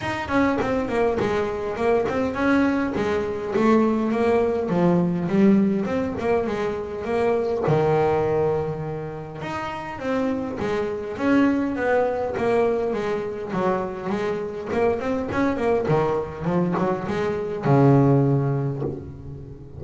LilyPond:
\new Staff \with { instrumentName = "double bass" } { \time 4/4 \tempo 4 = 102 dis'8 cis'8 c'8 ais8 gis4 ais8 c'8 | cis'4 gis4 a4 ais4 | f4 g4 c'8 ais8 gis4 | ais4 dis2. |
dis'4 c'4 gis4 cis'4 | b4 ais4 gis4 fis4 | gis4 ais8 c'8 cis'8 ais8 dis4 | f8 fis8 gis4 cis2 | }